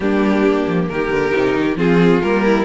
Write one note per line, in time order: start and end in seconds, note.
0.00 0.66 G3
0.00 1.30 A#3
0.00 0.89 D4
0.00 0.88 G4
0.67 0.89 F3
0.88 1.10 D#3
0.88 1.77 G4
0.88 1.77 A#4
1.10 1.32 D3
1.30 1.56 C3
1.30 1.75 D#4
1.56 1.75 D#3
1.75 2.20 F3
1.75 2.21 C4
1.75 2.44 F4
1.75 2.22 G#4
2.22 2.64 G3
2.22 2.64 A#3
2.22 2.64 A#4
2.44 2.64 E4